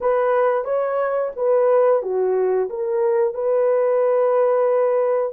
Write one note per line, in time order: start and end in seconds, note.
0.00 0.64 B4
0.64 1.31 C#5
1.35 2.02 B4
2.02 2.68 F#4
2.69 3.33 A#4
3.33 5.32 B4